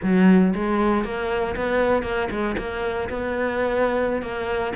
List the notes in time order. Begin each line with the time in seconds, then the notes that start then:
0.03 F#3
0.54 G#3
1.04 A#3
1.56 B3
2.03 A#3
2.30 G#3
2.58 A#3
3.09 B3
4.21 A#3